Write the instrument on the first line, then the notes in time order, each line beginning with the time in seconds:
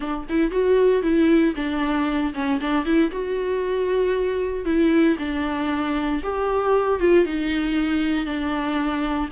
viola
0.00 D4
0.29 E4
0.51 F#4
1.02 E4
1.55 D4
2.33 C#4
2.61 D4
2.85 E4
3.11 F#4
4.65 E4
5.18 D4
6.23 G4
6.99 F4
7.25 D#4
8.25 D4